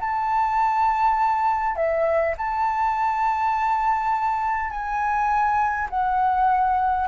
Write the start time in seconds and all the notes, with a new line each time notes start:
0.00 A5
1.76 E5
2.37 A5
4.71 G#5
5.90 F#5